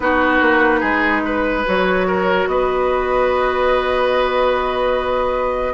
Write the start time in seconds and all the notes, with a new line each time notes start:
0.00 B3 D#4 F#4 B4
0.41 A#3
0.80 G#3 G#4
1.25 B4
1.65 F#3 F#4 C#5
2.07 A#4
2.47 B3 B4 D#5